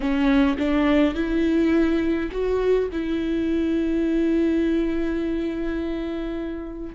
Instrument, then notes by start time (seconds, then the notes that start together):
viola
0.00 C#4
0.58 D4
1.14 E4
2.31 F#4
2.92 E4